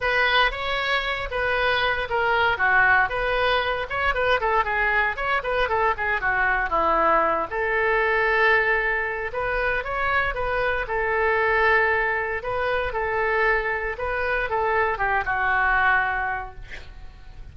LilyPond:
\new Staff \with { instrumentName = "oboe" } { \time 4/4 \tempo 4 = 116 b'4 cis''4. b'4. | ais'4 fis'4 b'4. cis''8 | b'8 a'8 gis'4 cis''8 b'8 a'8 gis'8 | fis'4 e'4. a'4.~ |
a'2 b'4 cis''4 | b'4 a'2. | b'4 a'2 b'4 | a'4 g'8 fis'2~ fis'8 | }